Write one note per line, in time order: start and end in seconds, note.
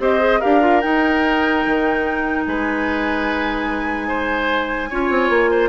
0.00 0.41 C4
0.00 0.19 G4
0.00 0.40 C5
0.00 0.41 D#5
0.19 0.40 G#4
0.40 0.85 D4
0.40 0.61 G4
0.40 2.44 A#4
0.40 0.81 F5
0.61 0.81 F4
0.81 4.91 D#4
0.81 1.66 D#4
0.81 2.45 G5
1.66 2.46 D#3
2.46 4.91 G#3
2.46 4.08 B4
2.46 5.69 G#5
4.08 4.90 C5
4.90 5.10 C#4
4.90 5.69 F4
4.90 5.51 C#5
5.10 5.30 C4
5.30 5.69 A#3
5.51 5.69 C5